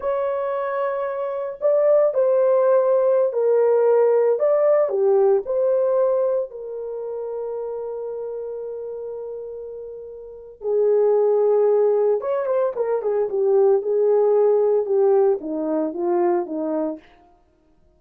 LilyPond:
\new Staff \with { instrumentName = "horn" } { \time 4/4 \tempo 4 = 113 cis''2. d''4 | c''2~ c''16 ais'4.~ ais'16~ | ais'16 d''4 g'4 c''4.~ c''16~ | c''16 ais'2.~ ais'8.~ |
ais'1 | gis'2. cis''8 c''8 | ais'8 gis'8 g'4 gis'2 | g'4 dis'4 f'4 dis'4 | }